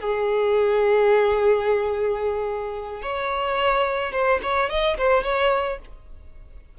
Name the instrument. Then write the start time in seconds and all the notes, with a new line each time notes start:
violin
0.00 G#4
3.02 C#5
4.12 C5
4.42 C#5
4.69 D#5
4.97 C5
5.23 C#5